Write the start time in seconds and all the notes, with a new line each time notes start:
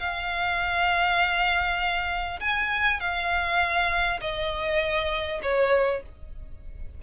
0.00 F5
2.41 G#5
3.01 F5
4.21 D#5
5.43 C#5